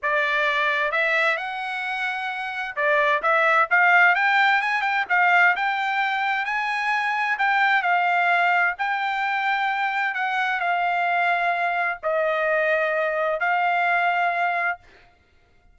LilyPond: \new Staff \with { instrumentName = "trumpet" } { \time 4/4 \tempo 4 = 130 d''2 e''4 fis''4~ | fis''2 d''4 e''4 | f''4 g''4 gis''8 g''8 f''4 | g''2 gis''2 |
g''4 f''2 g''4~ | g''2 fis''4 f''4~ | f''2 dis''2~ | dis''4 f''2. | }